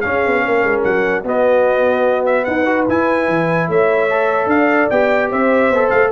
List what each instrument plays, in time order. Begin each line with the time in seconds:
0.00 trombone C#4, tuba C#4, horn G#4, trumpet F5
0.25 tuba B3
0.42 tuba A#3, horn A#4
0.63 tuba G#3
0.83 tuba F#3, trumpet F#5
1.23 tuba B3, trombone B3, horn F#4, trumpet D#5
2.25 trumpet E5
2.44 tuba D#4, horn B4, trumpet F#5
2.65 trombone F#4
2.88 tuba E4, trombone E4, trumpet G#5
3.27 tuba E3
3.68 tuba A3, horn C#5, trumpet E5
4.09 trombone A4
4.46 tuba D4, horn D5, trumpet F5
4.90 tuba B3, trombone G4, trumpet G5
5.29 tuba C4, horn C5, trumpet E5
5.69 tuba B3, trombone A4
5.90 tuba A3, trumpet F5